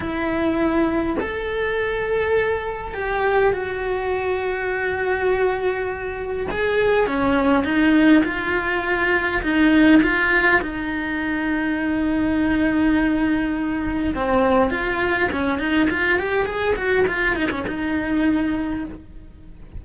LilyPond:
\new Staff \with { instrumentName = "cello" } { \time 4/4 \tempo 4 = 102 e'2 a'2~ | a'4 g'4 fis'2~ | fis'2. gis'4 | cis'4 dis'4 f'2 |
dis'4 f'4 dis'2~ | dis'1 | c'4 f'4 cis'8 dis'8 f'8 g'8 | gis'8 fis'8 f'8 dis'16 cis'16 dis'2 | }